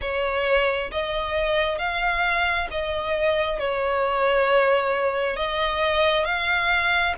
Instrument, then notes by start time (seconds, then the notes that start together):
violin
0.01 C#5
0.91 D#5
1.78 F5
2.70 D#5
3.59 C#5
5.36 D#5
6.24 F5